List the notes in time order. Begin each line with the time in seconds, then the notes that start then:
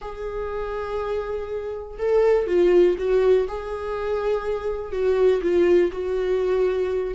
0.01 G#4
1.98 A4
2.47 F4
2.98 F#4
3.47 G#4
4.92 F#4
5.42 F4
5.92 F#4